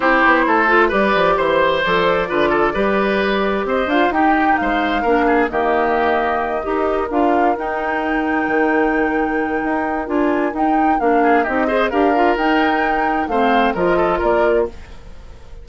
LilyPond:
<<
  \new Staff \with { instrumentName = "flute" } { \time 4/4 \tempo 4 = 131 c''2 d''4 c''4 | d''1 | dis''8 f''8 g''4 f''2 | dis''2.~ dis''8 f''8~ |
f''8 g''2.~ g''8~ | g''2 gis''4 g''4 | f''4 dis''4 f''4 g''4~ | g''4 f''4 dis''4 d''4 | }
  \new Staff \with { instrumentName = "oboe" } { \time 4/4 g'4 a'4 b'4 c''4~ | c''4 b'8 a'8 b'2 | c''4 g'4 c''4 ais'8 gis'8 | g'2~ g'8 ais'4.~ |
ais'1~ | ais'1~ | ais'8 gis'8 g'8 c''8 ais'2~ | ais'4 c''4 ais'8 a'8 ais'4 | }
  \new Staff \with { instrumentName = "clarinet" } { \time 4/4 e'4. f'8 g'2 | a'4 f'4 g'2~ | g'8 f'8 dis'2 d'4 | ais2~ ais8 g'4 f'8~ |
f'8 dis'2.~ dis'8~ | dis'2 f'4 dis'4 | d'4 dis'8 gis'8 g'8 f'8 dis'4~ | dis'4 c'4 f'2 | }
  \new Staff \with { instrumentName = "bassoon" } { \time 4/4 c'8 b8 a4 g8 f8 e4 | f4 d4 g2 | c'8 d'8 dis'4 gis4 ais4 | dis2~ dis8 dis'4 d'8~ |
d'8 dis'2 dis4.~ | dis4 dis'4 d'4 dis'4 | ais4 c'4 d'4 dis'4~ | dis'4 a4 f4 ais4 | }
>>